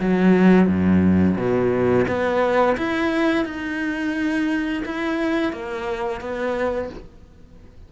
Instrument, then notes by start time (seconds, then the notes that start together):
cello
0.00 F#3
0.67 F#2
1.37 B2
2.08 B3
2.78 E4
3.45 D#4
4.86 E4
5.53 A#3
6.21 B3